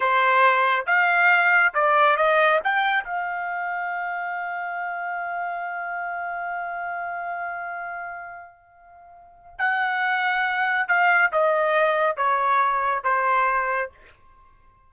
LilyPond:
\new Staff \with { instrumentName = "trumpet" } { \time 4/4 \tempo 4 = 138 c''2 f''2 | d''4 dis''4 g''4 f''4~ | f''1~ | f''1~ |
f''1~ | f''2 fis''2~ | fis''4 f''4 dis''2 | cis''2 c''2 | }